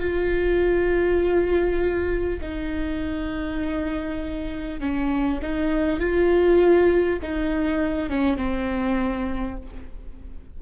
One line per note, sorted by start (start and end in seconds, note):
0.00 2.40 F4
2.41 4.80 D#4
4.80 5.40 C#4
5.42 6.00 D#4
6.00 7.20 F4
7.22 8.10 D#4
8.10 8.37 C#4
8.37 9.57 C4